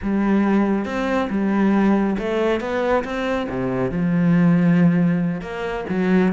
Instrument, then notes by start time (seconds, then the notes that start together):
cello
0.02 G3
0.85 C4
1.29 G3
2.18 A3
2.60 B3
3.04 C4
3.49 C3
3.91 F3
5.41 A#3
5.89 F#3